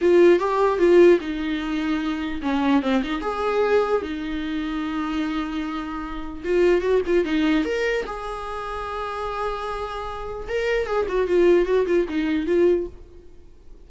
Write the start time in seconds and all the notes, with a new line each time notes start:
0.01 F4
0.39 G4
0.78 F4
1.20 D#4
2.42 C#4
2.82 C4
3.03 D#4
3.21 G#4
4.02 D#4
6.44 F4
6.81 F#4
7.06 F4
7.24 D#4
7.65 A#4
8.06 G#4
10.48 A#4
10.86 G#4
11.08 F#4
11.27 F4
11.65 F#4
11.86 F4
12.08 D#4
12.46 F4